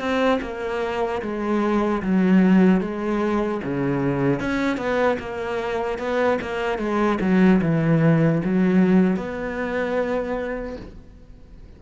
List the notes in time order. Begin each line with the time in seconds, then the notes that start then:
0.00 C4
0.42 A#3
1.22 G#3
2.03 F#3
2.81 G#3
3.64 C#3
4.40 C#4
4.77 B3
5.19 A#3
5.99 B3
6.42 A#3
6.79 G#3
7.21 F#3
7.62 E3
8.45 F#3
9.17 B3